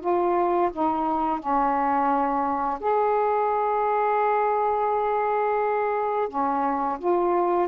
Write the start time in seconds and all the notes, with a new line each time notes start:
0.00 F4
0.72 D#4
1.39 C#4
2.80 G#4
6.28 C#4
6.99 F4